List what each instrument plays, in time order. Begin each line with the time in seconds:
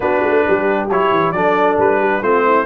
0.00 tuba B3, trombone D4, horn F#4, trumpet B4
0.22 tuba A3
0.46 tuba G3, horn G4
0.89 tuba F#3, trombone E4, trumpet C#5
1.11 tuba E3
1.31 tuba F#3, trombone D4, horn A4, trumpet D5
1.78 tuba G3, trumpet B4
1.99 horn G4
2.21 tuba A3, trombone C4, horn F4, trumpet C5
2.45 horn E4